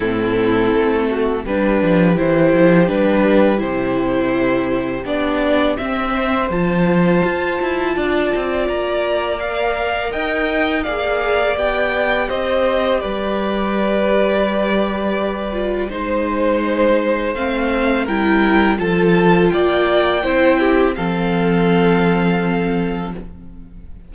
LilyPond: <<
  \new Staff \with { instrumentName = "violin" } { \time 4/4 \tempo 4 = 83 a'2 b'4 c''4 | b'4 c''2 d''4 | e''4 a''2. | ais''4 f''4 g''4 f''4 |
g''4 dis''4 d''2~ | d''2 c''2 | f''4 g''4 a''4 g''4~ | g''4 f''2. | }
  \new Staff \with { instrumentName = "violin" } { \time 4/4 e'4. fis'8 g'2~ | g'1~ | g'8 c''2~ c''8 d''4~ | d''2 dis''4 d''4~ |
d''4 c''4 b'2~ | b'2 c''2~ | c''4 ais'4 a'4 d''4 | c''8 g'8 a'2. | }
  \new Staff \with { instrumentName = "viola" } { \time 4/4 c'2 d'4 e'4 | d'4 e'2 d'4 | c'4 f'2.~ | f'4 ais'2 gis'4 |
g'1~ | g'4. f'8 dis'2 | c'4 e'4 f'2 | e'4 c'2. | }
  \new Staff \with { instrumentName = "cello" } { \time 4/4 a,4 a4 g8 f8 e8 f8 | g4 c2 b4 | c'4 f4 f'8 e'8 d'8 c'8 | ais2 dis'4 ais4 |
b4 c'4 g2~ | g2 gis2 | a4 g4 f4 ais4 | c'4 f2. | }
>>